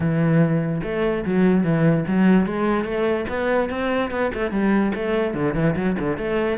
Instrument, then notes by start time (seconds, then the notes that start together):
cello
0.00 E3
0.83 A3
1.25 F#3
1.63 E3
2.07 F#3
2.46 G#3
2.84 A3
3.28 B3
3.69 C4
4.10 B3
4.34 A3
4.51 G3
4.94 A3
5.34 D3
5.54 E3
5.75 F#3
5.99 D3
6.17 A3